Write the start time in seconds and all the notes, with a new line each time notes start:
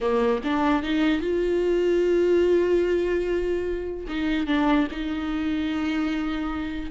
0.00 A#3
0.44 D4
0.83 D#4
1.21 F4
4.08 D#4
4.46 D4
4.91 D#4